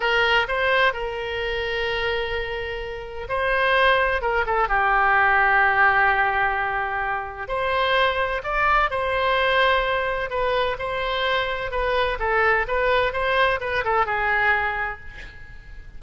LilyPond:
\new Staff \with { instrumentName = "oboe" } { \time 4/4 \tempo 4 = 128 ais'4 c''4 ais'2~ | ais'2. c''4~ | c''4 ais'8 a'8 g'2~ | g'1 |
c''2 d''4 c''4~ | c''2 b'4 c''4~ | c''4 b'4 a'4 b'4 | c''4 b'8 a'8 gis'2 | }